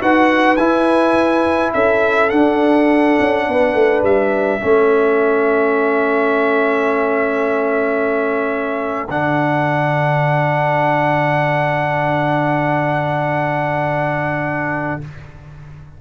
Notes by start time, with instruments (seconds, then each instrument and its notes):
0.00 tuba D#4, trombone F#4, horn B4, trumpet F#5
0.57 tuba E4, trombone E4, trumpet G#5
1.74 tuba C#4, horn A4, trumpet E5
2.30 trombone D4, tuba D4, trumpet F#5
3.20 tuba C#4
3.48 tuba B3, horn B4
3.74 tuba A3
4.03 tuba G3, trumpet E5
4.61 tuba A3, trombone C#4, horn A4
9.09 tuba D3, trombone D4, trumpet F#5